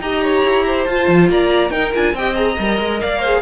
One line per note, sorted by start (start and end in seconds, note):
0.00 0.43 D#4
0.00 0.88 G4
0.00 0.23 D#5
0.00 0.84 A#5
0.23 0.66 C#5
0.45 0.87 E4
0.66 1.30 C5
0.84 1.08 F4
0.84 1.71 F4
0.84 1.27 A5
1.08 1.29 F3
1.29 1.70 A#3
1.29 1.72 D5
1.29 1.71 A#5
1.70 1.92 D#4
1.70 2.15 A#4
1.70 1.93 G5
1.94 2.14 D4
1.94 2.15 F4
1.94 2.16 G#5
2.14 2.56 C4
2.14 2.35 G4
2.14 3.02 D#5
2.14 2.36 G5
2.35 2.56 G#4
2.35 3.00 A#5
2.59 2.80 G3
2.59 3.24 A#4
2.80 3.01 G#3
3.01 3.42 A#3
3.01 3.20 D5
3.01 3.42 F5
3.20 3.42 G#4
3.20 3.41 C5